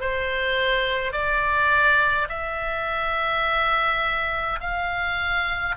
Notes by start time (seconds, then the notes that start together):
0.00 C5
1.12 D5
2.29 E5
4.60 F5